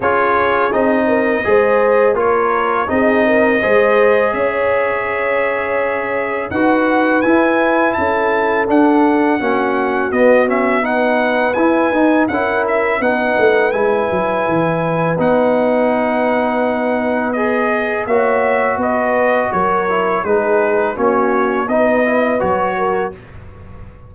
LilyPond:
<<
  \new Staff \with { instrumentName = "trumpet" } { \time 4/4 \tempo 4 = 83 cis''4 dis''2 cis''4 | dis''2 e''2~ | e''4 fis''4 gis''4 a''4 | fis''2 dis''8 e''8 fis''4 |
gis''4 fis''8 e''8 fis''4 gis''4~ | gis''4 fis''2. | dis''4 e''4 dis''4 cis''4 | b'4 cis''4 dis''4 cis''4 | }
  \new Staff \with { instrumentName = "horn" } { \time 4/4 gis'4. ais'8 c''4 ais'4 | gis'8 ais'8 c''4 cis''2~ | cis''4 b'2 a'4~ | a'4 fis'2 b'4~ |
b'4 ais'4 b'2~ | b'1~ | b'4 cis''4 b'4 ais'4 | gis'4 fis'4 b'4. ais'8 | }
  \new Staff \with { instrumentName = "trombone" } { \time 4/4 f'4 dis'4 gis'4 f'4 | dis'4 gis'2.~ | gis'4 fis'4 e'2 | d'4 cis'4 b8 cis'8 dis'4 |
e'8 dis'8 e'4 dis'4 e'4~ | e'4 dis'2. | gis'4 fis'2~ fis'8 e'8 | dis'4 cis'4 dis'8 e'8 fis'4 | }
  \new Staff \with { instrumentName = "tuba" } { \time 4/4 cis'4 c'4 gis4 ais4 | c'4 gis4 cis'2~ | cis'4 dis'4 e'4 cis'4 | d'4 ais4 b2 |
e'8 dis'8 cis'4 b8 a8 gis8 fis8 | e4 b2.~ | b4 ais4 b4 fis4 | gis4 ais4 b4 fis4 | }
>>